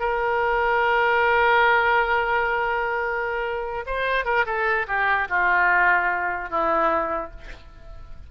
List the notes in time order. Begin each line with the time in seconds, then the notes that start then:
0.00 A#4
3.86 C5
4.25 A#4
4.46 A4
4.88 G4
5.29 F4
6.50 E4